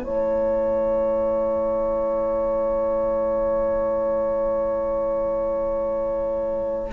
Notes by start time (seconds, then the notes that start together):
0.00 A3 E4 C#5 A5